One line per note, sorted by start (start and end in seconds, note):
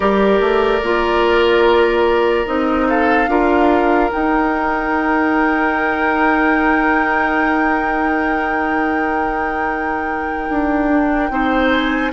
0.00 0.40 G3
0.00 0.82 G4
0.00 2.87 A#4
0.00 2.46 D5
0.40 0.81 A3
0.82 2.46 A#3
0.82 2.45 F4
2.45 3.27 C4
2.45 3.27 D#4
2.45 2.87 D#5
2.87 3.29 A4
2.87 4.11 F5
3.27 4.09 D4
3.27 4.09 F4
3.27 11.32 A#4
4.11 10.89 D#4
4.11 10.49 D#4
4.11 11.70 G5
10.49 11.29 D4
10.89 11.29 D4
11.29 12.12 C4
11.29 12.12 D#4
11.29 12.12 C5
11.70 12.11 G#5